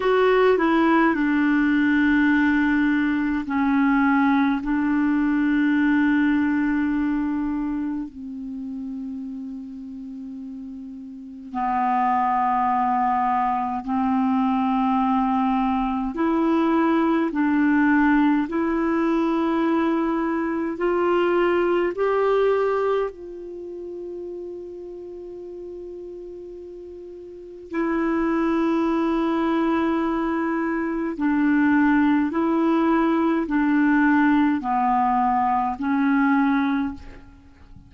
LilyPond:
\new Staff \with { instrumentName = "clarinet" } { \time 4/4 \tempo 4 = 52 fis'8 e'8 d'2 cis'4 | d'2. c'4~ | c'2 b2 | c'2 e'4 d'4 |
e'2 f'4 g'4 | f'1 | e'2. d'4 | e'4 d'4 b4 cis'4 | }